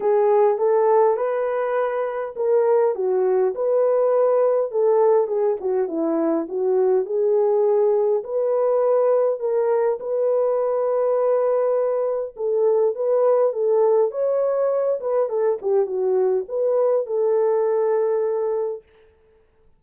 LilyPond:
\new Staff \with { instrumentName = "horn" } { \time 4/4 \tempo 4 = 102 gis'4 a'4 b'2 | ais'4 fis'4 b'2 | a'4 gis'8 fis'8 e'4 fis'4 | gis'2 b'2 |
ais'4 b'2.~ | b'4 a'4 b'4 a'4 | cis''4. b'8 a'8 g'8 fis'4 | b'4 a'2. | }